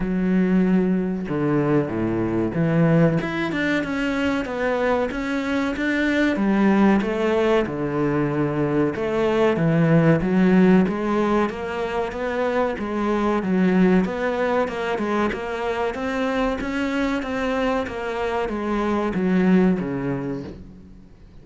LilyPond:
\new Staff \with { instrumentName = "cello" } { \time 4/4 \tempo 4 = 94 fis2 d4 a,4 | e4 e'8 d'8 cis'4 b4 | cis'4 d'4 g4 a4 | d2 a4 e4 |
fis4 gis4 ais4 b4 | gis4 fis4 b4 ais8 gis8 | ais4 c'4 cis'4 c'4 | ais4 gis4 fis4 cis4 | }